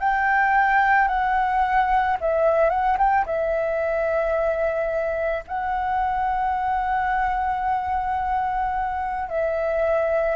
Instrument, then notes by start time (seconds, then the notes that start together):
flute
0.00 G5
1.08 F#5
2.21 E5
2.70 F#5
2.98 G5
3.26 E5
5.48 F#5
9.29 E5